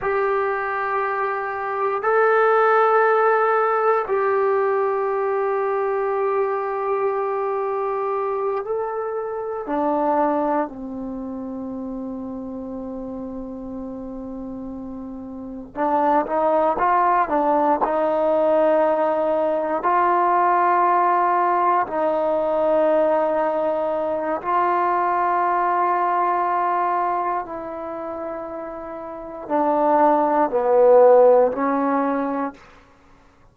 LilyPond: \new Staff \with { instrumentName = "trombone" } { \time 4/4 \tempo 4 = 59 g'2 a'2 | g'1~ | g'8 a'4 d'4 c'4.~ | c'2.~ c'8 d'8 |
dis'8 f'8 d'8 dis'2 f'8~ | f'4. dis'2~ dis'8 | f'2. e'4~ | e'4 d'4 b4 cis'4 | }